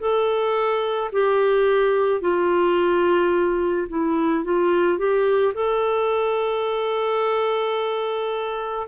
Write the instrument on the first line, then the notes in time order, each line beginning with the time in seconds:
clarinet
0.00 A4
1.13 G4
2.22 F4
3.89 E4
4.44 F4
4.98 G4
5.55 A4